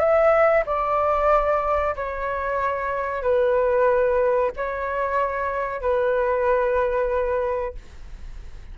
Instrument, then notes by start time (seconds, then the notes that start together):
flute
0.00 E5
0.67 D5
1.97 C#5
3.23 B4
4.57 C#5
5.82 B4